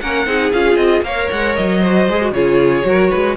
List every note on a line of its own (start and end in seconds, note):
0.00 0.26 A#3
0.00 0.26 C#4
0.00 0.28 A#4
0.00 0.52 F#5
0.26 0.52 C4
0.26 0.52 D#4
0.26 1.05 G#4
0.53 0.76 C#4
0.53 1.05 F4
0.53 0.77 F5
0.76 1.02 C4
0.76 1.02 D#5
1.02 1.28 A#3
1.02 1.83 A#4
1.02 1.80 C#5
1.02 1.30 F5
1.31 1.58 G#3
1.31 1.56 F#5
1.56 2.09 F#3
1.56 2.33 D#5
1.80 2.09 F#4
1.80 2.32 C5
2.09 2.31 G#3
2.09 2.21 G#4
2.21 2.34 F#4
2.31 2.83 C#3
2.31 2.84 F4
2.31 2.87 G#4
2.31 3.37 C#5
2.84 3.11 F#3
2.84 3.36 F#4
2.84 3.10 A#4
3.10 3.37 G#3
3.10 3.36 B4